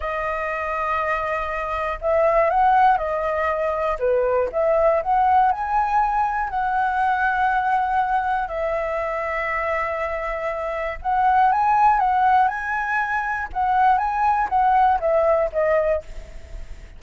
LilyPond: \new Staff \with { instrumentName = "flute" } { \time 4/4 \tempo 4 = 120 dis''1 | e''4 fis''4 dis''2 | b'4 e''4 fis''4 gis''4~ | gis''4 fis''2.~ |
fis''4 e''2.~ | e''2 fis''4 gis''4 | fis''4 gis''2 fis''4 | gis''4 fis''4 e''4 dis''4 | }